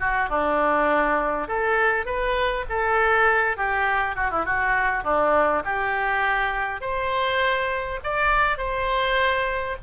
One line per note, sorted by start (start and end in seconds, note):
0.00 0.29 F#4
0.29 1.48 D4
1.48 2.06 A4
2.06 2.65 B4
2.69 3.57 A4
3.57 4.16 G4
4.16 4.31 F#4
4.31 4.46 E4
4.46 5.03 F#4
5.03 5.63 D4
5.65 6.81 G4
6.81 8.00 C5
8.04 8.58 D5
8.58 9.76 C5